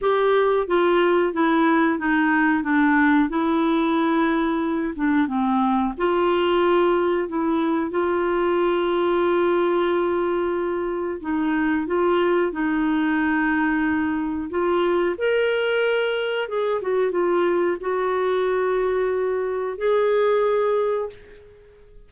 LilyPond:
\new Staff \with { instrumentName = "clarinet" } { \time 4/4 \tempo 4 = 91 g'4 f'4 e'4 dis'4 | d'4 e'2~ e'8 d'8 | c'4 f'2 e'4 | f'1~ |
f'4 dis'4 f'4 dis'4~ | dis'2 f'4 ais'4~ | ais'4 gis'8 fis'8 f'4 fis'4~ | fis'2 gis'2 | }